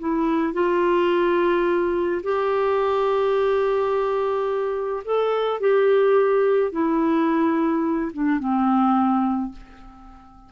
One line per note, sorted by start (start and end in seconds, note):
0.00 0.54 E4
0.54 2.22 F4
2.24 5.04 G4
5.05 5.61 A4
5.61 6.72 G4
6.72 8.12 E4
8.14 8.40 D4
8.40 9.52 C4